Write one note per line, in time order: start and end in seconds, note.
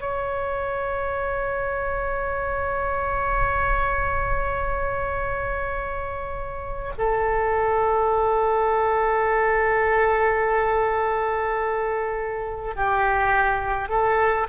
0.00 6.92 C#5
6.98 12.74 A4
12.76 13.89 G4
13.89 14.47 A4